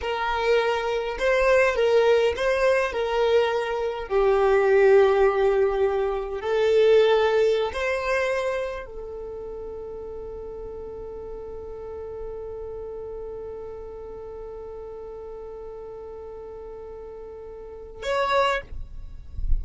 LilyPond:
\new Staff \with { instrumentName = "violin" } { \time 4/4 \tempo 4 = 103 ais'2 c''4 ais'4 | c''4 ais'2 g'4~ | g'2. a'4~ | a'4~ a'16 c''2 a'8.~ |
a'1~ | a'1~ | a'1~ | a'2. cis''4 | }